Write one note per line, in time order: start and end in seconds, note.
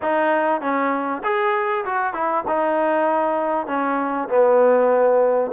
0.02 0.61 D#4
0.61 1.22 C#4
1.23 1.85 G#4
1.85 2.13 F#4
2.13 2.44 E4
2.47 3.67 D#4
3.67 4.28 C#4
4.29 5.51 B3